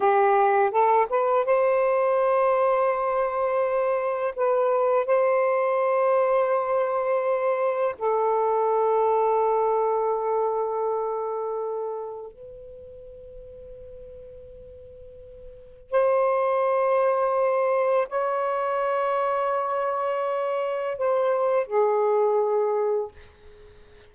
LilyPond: \new Staff \with { instrumentName = "saxophone" } { \time 4/4 \tempo 4 = 83 g'4 a'8 b'8 c''2~ | c''2 b'4 c''4~ | c''2. a'4~ | a'1~ |
a'4 b'2.~ | b'2 c''2~ | c''4 cis''2.~ | cis''4 c''4 gis'2 | }